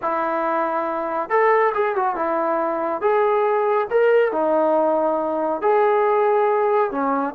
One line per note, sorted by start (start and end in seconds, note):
0.01 1.29 E4
1.29 1.72 A4
1.74 1.95 G#4
1.95 2.15 F#4
2.15 3.01 E4
3.01 3.87 G#4
3.90 4.32 A#4
4.32 5.61 D#4
5.61 6.91 G#4
6.91 7.34 C#4